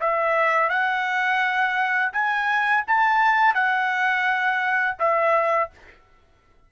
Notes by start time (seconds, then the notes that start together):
0.00 E5
0.69 F#5
2.13 G#5
2.87 A5
3.54 F#5
4.99 E5